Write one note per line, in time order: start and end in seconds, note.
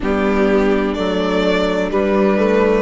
0.00 0.97 G3
0.00 0.96 B3
0.00 2.82 D4
0.00 0.94 G4
0.94 1.91 F#3
0.94 1.90 A3
0.94 1.89 D5
1.90 2.37 G3
1.90 2.82 G3
1.90 2.82 B4
2.37 2.82 A3